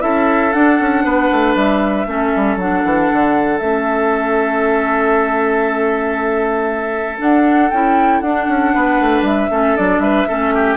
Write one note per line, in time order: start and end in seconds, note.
0.00 0.54 C#4
0.00 0.51 E4
0.00 1.05 A4
0.00 0.53 E5
0.53 2.08 D4
0.53 0.80 D4
0.53 1.55 F#5
0.80 1.04 C#4
1.04 1.30 B3
1.04 2.07 B4
1.32 1.55 A3
1.55 2.07 G3
1.55 2.58 E5
2.07 2.33 A3
2.07 2.59 C#4
2.07 8.74 A4
2.36 2.57 G3
2.57 2.82 F#3
2.57 3.60 D4
2.57 3.59 F#5
2.85 3.11 E3
3.13 3.61 D3
3.59 7.20 A3
3.59 7.18 C#4
3.59 7.18 E5
7.18 7.70 D4
7.18 7.71 D4
7.18 7.70 F#5
7.70 8.22 C#4
7.70 8.25 E4
7.70 8.21 G5
8.21 8.48 D4
8.21 9.51 D4
8.21 9.23 F#5
8.49 8.74 C#4
8.74 9.01 B3
8.74 9.51 B4
9.01 9.22 A3
9.22 9.48 G3
9.22 9.77 E5
9.51 9.76 A3
9.51 9.77 C#4
9.51 10.02 A4
9.77 9.99 F#3
9.77 10.28 D4
9.77 10.00 D5
9.99 10.25 G3
9.99 10.28 B4
9.99 10.77 E5
10.28 10.77 A3
10.28 10.77 C#4
10.28 10.54 A4
10.54 10.77 G4